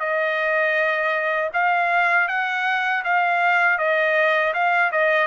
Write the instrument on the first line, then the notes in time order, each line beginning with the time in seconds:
trumpet
0.00 D#5
1.53 F5
2.28 F#5
3.04 F5
3.78 D#5
4.54 F5
4.92 D#5